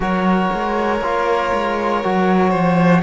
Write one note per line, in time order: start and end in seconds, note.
0.00 0.50 F#3
0.00 0.99 F#4
0.00 2.50 A#4
0.00 3.02 C#5
0.53 1.01 G#3
1.01 1.51 A#3
1.01 2.03 F4
1.53 2.04 G#3
2.03 2.54 F#3
2.03 3.02 F#4
2.50 3.02 F3
2.50 3.00 C5